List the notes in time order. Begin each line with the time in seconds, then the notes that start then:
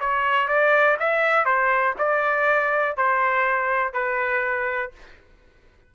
0.00 C#5
0.48 D5
1.00 E5
1.45 C5
1.99 D5
2.97 C5
3.93 B4